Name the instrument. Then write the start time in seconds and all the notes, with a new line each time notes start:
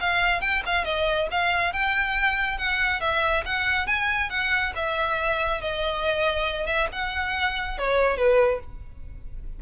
violin
0.00 F5
0.41 G5
0.66 F5
0.84 D#5
1.30 F5
1.73 G5
2.57 F#5
3.00 E5
3.45 F#5
3.86 G#5
4.29 F#5
4.75 E5
5.61 D#5
6.66 E5
6.92 F#5
7.78 C#5
8.16 B4